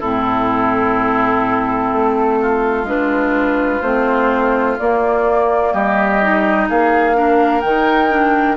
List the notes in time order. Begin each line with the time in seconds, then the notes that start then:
0.00 A2 C4 E4 A4
1.92 A3
2.41 F4
2.84 G#3 D4 B4
3.81 A3 C4 C5
4.78 A#3 D5
5.73 G3 G4 D#5
6.22 D#4
6.69 A#3 G#4 F5
7.14 D4 A#4
7.61 D#3 D#4 G5
8.10 D4